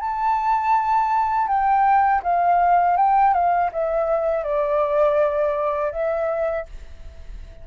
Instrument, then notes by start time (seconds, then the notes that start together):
flute
0.00 A5
1.47 G5
2.23 F5
2.97 G5
3.33 F5
3.72 E5
4.43 D5
5.91 E5